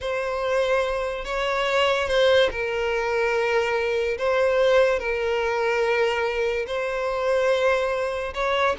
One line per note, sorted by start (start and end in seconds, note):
0.00 1.24 C5
1.24 2.07 C#5
2.07 2.49 C5
2.51 4.17 A#4
4.18 4.99 C5
4.99 6.66 A#4
6.66 8.33 C5
8.34 8.75 C#5